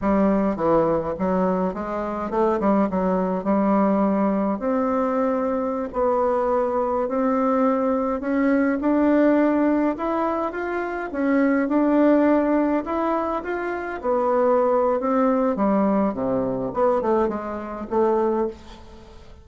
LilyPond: \new Staff \with { instrumentName = "bassoon" } { \time 4/4 \tempo 4 = 104 g4 e4 fis4 gis4 | a8 g8 fis4 g2 | c'2~ c'16 b4.~ b16~ | b16 c'2 cis'4 d'8.~ |
d'4~ d'16 e'4 f'4 cis'8.~ | cis'16 d'2 e'4 f'8.~ | f'16 b4.~ b16 c'4 g4 | c4 b8 a8 gis4 a4 | }